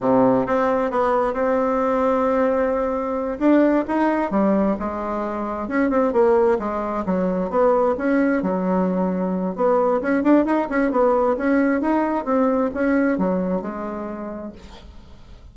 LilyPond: \new Staff \with { instrumentName = "bassoon" } { \time 4/4 \tempo 4 = 132 c4 c'4 b4 c'4~ | c'2.~ c'8 d'8~ | d'8 dis'4 g4 gis4.~ | gis8 cis'8 c'8 ais4 gis4 fis8~ |
fis8 b4 cis'4 fis4.~ | fis4 b4 cis'8 d'8 dis'8 cis'8 | b4 cis'4 dis'4 c'4 | cis'4 fis4 gis2 | }